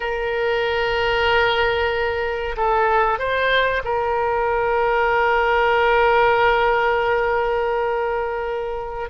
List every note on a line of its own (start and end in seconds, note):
0.00 2.55 A#4
2.56 3.18 A4
3.18 3.82 C5
3.84 9.09 A#4